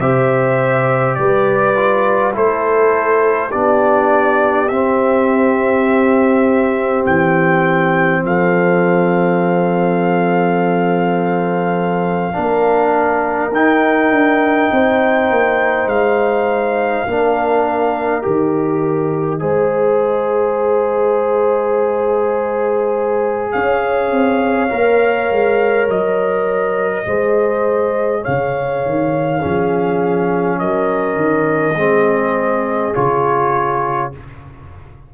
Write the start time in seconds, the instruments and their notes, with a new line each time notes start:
0.00 tuba C3, trombone G4, horn C5, trumpet E5
1.15 tuba G3, horn B4, trumpet D5
1.77 trombone F4
2.33 tuba A3, trombone E4, horn A4, trumpet C5
3.50 tuba B3, trombone D4, horn G4, trumpet D5
4.69 tuba C4, trombone C4, trumpet E5
7.06 tuba E3, trumpet G5
8.24 tuba F3, horn A4, trumpet F5
12.34 tuba A#3, trombone D4, horn A#4
13.52 tuba D#4, trombone D#4, trumpet G5
14.11 tuba D4
14.72 tuba C4, horn C5
15.31 tuba A#3
15.87 tuba G#3, trumpet F5
17.07 tuba A#3, trombone D4, horn A#4
18.22 tuba D#3, trombone G4, trumpet D#5
19.40 tuba G#3, trombone G#4, horn C5
23.52 tuba C#4, horn C#5, trumpet F5
24.12 tuba C4
24.70 tuba A#3, trombone A#4
25.31 tuba G#3
25.88 tuba F#3, trumpet D#5
27.04 tuba G#3, trombone G#4, horn C5
28.22 tuba C#3, horn C#5, trumpet F5
28.86 tuba D#3
29.39 tuba F3, trombone C#4, horn G#4
30.59 tuba F#3, horn A#4, trumpet D#5
31.16 tuba D#3
31.76 tuba G#3, trombone C4, horn G#4
32.95 tuba C#3, trombone F4, trumpet C#5